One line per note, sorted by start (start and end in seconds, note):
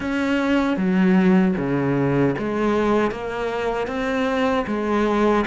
0.00 0.77 C#4
0.77 1.54 F#3
1.57 2.35 C#3
2.38 3.11 G#3
3.11 3.87 A#3
3.87 4.65 C4
4.66 5.44 G#3